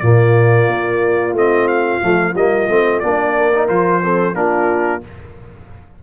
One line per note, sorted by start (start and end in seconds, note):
0.00 0.67 A#2
0.00 1.35 A#3
0.00 3.36 F4
0.00 1.33 D5
0.67 1.33 A#3
1.33 1.99 A3
1.33 2.02 C4
1.33 1.68 D#5
1.68 2.34 F5
2.02 2.34 F3
2.02 2.35 A3
2.34 2.68 G3
2.34 2.69 A#3
2.34 3.00 D#5
2.68 3.02 A3
2.68 3.02 C4
3.00 3.69 A#3
3.00 3.53 D4
3.00 3.66 D5
3.37 4.03 A#4
3.54 3.68 D#4
3.68 4.34 F3
3.68 4.01 F4
3.68 4.35 C5
4.02 4.34 C4
4.02 4.36 A4
4.34 5.01 A#3
4.34 5.01 D4
4.34 5.03 F4
4.34 5.02 A#4